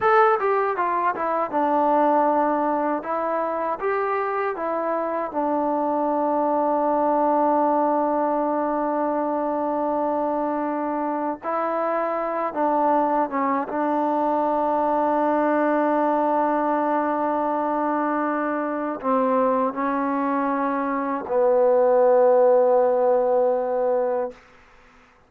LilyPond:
\new Staff \with { instrumentName = "trombone" } { \time 4/4 \tempo 4 = 79 a'8 g'8 f'8 e'8 d'2 | e'4 g'4 e'4 d'4~ | d'1~ | d'2. e'4~ |
e'8 d'4 cis'8 d'2~ | d'1~ | d'4 c'4 cis'2 | b1 | }